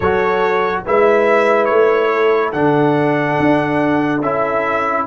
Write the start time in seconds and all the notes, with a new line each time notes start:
0.00 F#3 F#4 A4 C#5
0.85 G#3 E4 B4 E5
1.65 A3 C#5
2.12 A4
2.52 D3 D4 F#5
3.39 D4
4.21 C#4 E4 E5